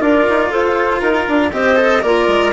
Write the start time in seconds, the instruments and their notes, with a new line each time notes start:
0.00 bassoon D4, cello F4, clarinet A#4, flute D5
0.30 bassoon D#4
0.50 bassoon F4, clarinet A4, flute C5
1.00 bassoon D#4, flute A#4, clarinet A#4
1.28 bassoon D4
1.52 bassoon C4, cello G4, clarinet C5, flute D#5
1.77 cello A4
2.02 bassoon A#3, clarinet F4, cello A#4, flute D5
2.28 bassoon G#3